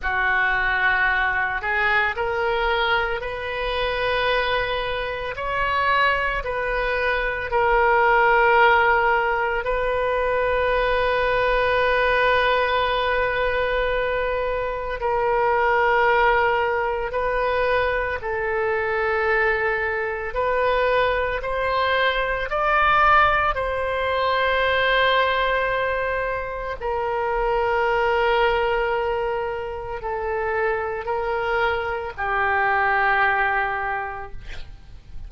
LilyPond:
\new Staff \with { instrumentName = "oboe" } { \time 4/4 \tempo 4 = 56 fis'4. gis'8 ais'4 b'4~ | b'4 cis''4 b'4 ais'4~ | ais'4 b'2.~ | b'2 ais'2 |
b'4 a'2 b'4 | c''4 d''4 c''2~ | c''4 ais'2. | a'4 ais'4 g'2 | }